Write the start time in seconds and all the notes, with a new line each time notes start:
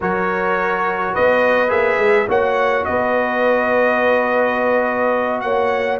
0.00 F#3 F#4 A#4 C#5
1.13 B3 B4 D#5
1.68 A#3 G#4 E5
1.98 G#3
2.28 A#3 F#4 C#5 F#5
2.84 B3 B4 D#5
5.41 A#3 C#5 F#5